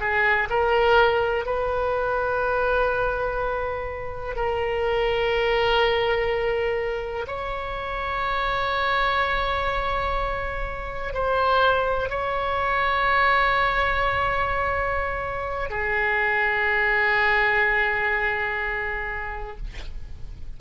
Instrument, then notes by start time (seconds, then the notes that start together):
oboe
0.00 G#4
0.50 A#4
1.46 B4
4.36 A#4
7.27 C#5
11.14 C5
12.10 C#5
15.70 G#4